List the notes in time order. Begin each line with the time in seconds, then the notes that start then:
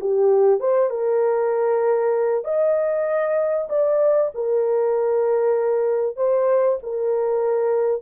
0.00 G4
0.60 C5
0.90 A#4
2.44 D#5
3.69 D5
4.34 A#4
6.16 C5
6.82 A#4